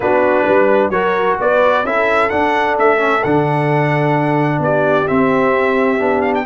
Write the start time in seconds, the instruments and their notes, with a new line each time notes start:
0.00 tuba B3, trombone D4, horn F#4, trumpet B4
0.44 tuba G3, horn B4
0.89 tuba F#3, trombone F#4, horn A#4, trumpet C#5
1.40 tuba B3, horn B4, trumpet D5
1.83 tuba C#4, trombone E4, horn A4, trumpet E5
2.29 trombone D4, tuba D4, trumpet F#5
2.77 tuba A3, trumpet E5
2.97 trombone C#4
3.23 tuba D3, trombone D4, trumpet F#5
4.58 tuba B3, horn G4, trumpet D5
5.07 trombone C4, tuba C4, trumpet E5
5.99 tuba B3, trombone D4
6.21 trumpet F5
6.34 trumpet G5